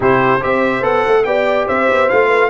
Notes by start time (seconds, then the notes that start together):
0.00 C3 E4 G4 C5
0.40 C4 G4 C5 E5
0.82 B3 A4 F#5
1.06 A3
1.24 B3 G4 D5 G5
1.66 C4 C5 E5
1.89 B3
2.08 A3 F4 F5
2.27 B4